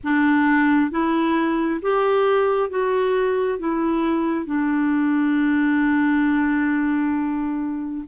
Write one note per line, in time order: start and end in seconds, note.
0.03 0.90 D4
0.90 1.80 E4
1.82 2.69 G4
2.69 3.58 F#4
3.58 4.45 E4
4.45 8.04 D4